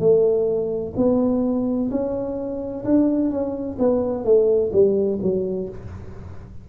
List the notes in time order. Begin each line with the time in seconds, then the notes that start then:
0.00 A3
0.97 B3
1.91 C#4
2.86 D4
3.31 C#4
3.79 B3
4.25 A3
4.73 G3
5.22 F#3